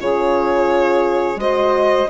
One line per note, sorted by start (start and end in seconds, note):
0.00 1.36 C#3
0.00 1.38 F4
0.00 1.40 G#4
0.00 1.40 C#5
1.36 2.06 G#3
1.36 2.08 F#4
1.36 2.10 C5
1.36 2.10 D#5